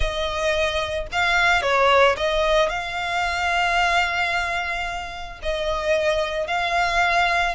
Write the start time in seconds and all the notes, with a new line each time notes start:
0.00 D#5
1.12 F5
1.61 C#5
2.16 D#5
2.69 F5
5.42 D#5
6.47 F5